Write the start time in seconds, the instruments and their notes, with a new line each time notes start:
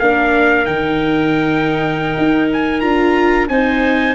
0.00 tuba A#3, viola D4, clarinet A#4, trumpet F5
0.66 tuba D#3, viola D#4, trumpet G5
2.18 tuba D#4
2.53 trumpet G#5
2.81 tuba D4, viola F4, trumpet A#5
3.49 tuba C4, viola D#4, clarinet C5, trumpet G#5